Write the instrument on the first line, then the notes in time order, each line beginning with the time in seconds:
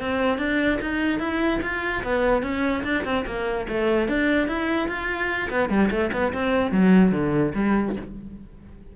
cello
0.00 C4
0.38 D4
0.81 D#4
1.19 E4
1.62 F4
2.03 B3
2.43 C#4
2.84 D4
3.05 C4
3.26 A#3
3.69 A3
4.08 D4
4.48 E4
4.88 F4
5.50 B3
5.69 G3
5.90 A3
6.13 B3
6.33 C4
6.72 F#3
7.12 D3
7.55 G3